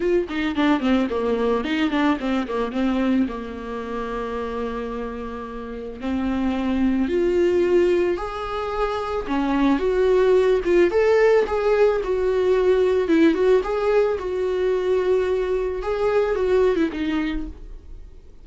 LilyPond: \new Staff \with { instrumentName = "viola" } { \time 4/4 \tempo 4 = 110 f'8 dis'8 d'8 c'8 ais4 dis'8 d'8 | c'8 ais8 c'4 ais2~ | ais2. c'4~ | c'4 f'2 gis'4~ |
gis'4 cis'4 fis'4. f'8 | a'4 gis'4 fis'2 | e'8 fis'8 gis'4 fis'2~ | fis'4 gis'4 fis'8. e'16 dis'4 | }